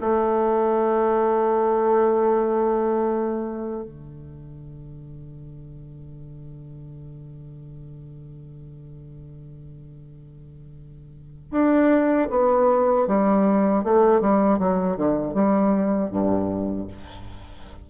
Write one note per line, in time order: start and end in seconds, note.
0.00 3.83 A3
3.83 11.51 D3
11.51 12.28 D4
12.30 13.07 B3
13.07 13.84 G3
13.84 14.20 A3
14.20 14.58 G3
14.58 14.96 F#3
14.96 15.34 D3
15.34 16.10 G3
16.10 16.87 G2